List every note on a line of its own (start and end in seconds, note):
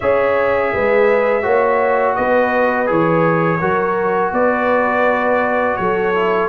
0.00 0.74 C#4
0.00 1.42 G#4
0.00 0.72 C#5
0.00 2.15 E5
0.73 1.45 G#3
0.73 1.43 B4
1.42 2.17 A#3
1.42 2.86 F#4
1.42 2.15 C#5
2.15 2.90 B3
2.15 3.59 B4
2.15 2.87 D#5
2.86 3.61 E3
2.86 3.58 G#4
2.86 4.33 C#5
3.59 4.32 F#3
3.59 6.14 F#4
3.59 4.31 A#4
4.32 5.76 B3
4.32 5.80 B4
4.32 5.76 D5
5.76 6.49 F#3
5.76 6.49 A4
5.76 6.48 C#5
6.14 6.49 E4